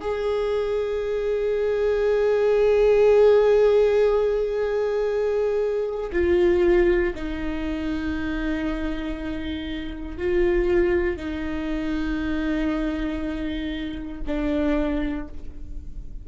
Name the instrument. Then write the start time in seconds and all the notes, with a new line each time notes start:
viola
0.00 G#4
6.12 F4
7.15 D#4
10.17 F4
11.16 D#4
14.26 D4